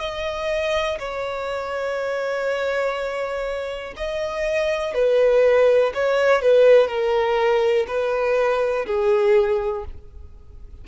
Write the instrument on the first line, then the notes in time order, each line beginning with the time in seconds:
violin
0.00 D#5
1.00 C#5
3.97 D#5
4.95 B4
5.95 C#5
6.42 B4
6.88 A#4
7.88 B4
8.87 G#4